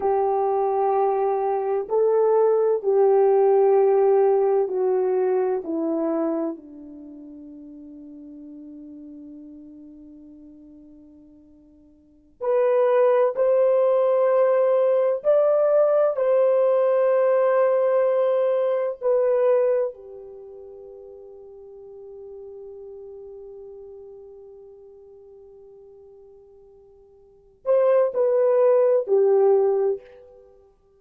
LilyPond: \new Staff \with { instrumentName = "horn" } { \time 4/4 \tempo 4 = 64 g'2 a'4 g'4~ | g'4 fis'4 e'4 d'4~ | d'1~ | d'4~ d'16 b'4 c''4.~ c''16~ |
c''16 d''4 c''2~ c''8.~ | c''16 b'4 g'2~ g'8.~ | g'1~ | g'4. c''8 b'4 g'4 | }